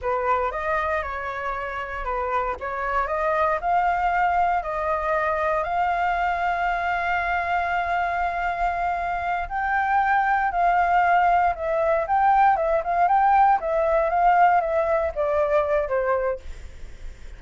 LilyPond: \new Staff \with { instrumentName = "flute" } { \time 4/4 \tempo 4 = 117 b'4 dis''4 cis''2 | b'4 cis''4 dis''4 f''4~ | f''4 dis''2 f''4~ | f''1~ |
f''2~ f''8 g''4.~ | g''8 f''2 e''4 g''8~ | g''8 e''8 f''8 g''4 e''4 f''8~ | f''8 e''4 d''4. c''4 | }